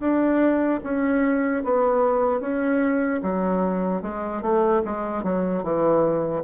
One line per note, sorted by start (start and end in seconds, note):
0.00 0.80 D4
0.84 1.64 C#4
1.64 2.40 B3
2.40 3.20 C#4
3.23 4.02 F#3
4.02 4.42 G#3
4.42 4.82 A3
4.85 5.23 G#3
5.23 5.63 F#3
5.63 6.43 E3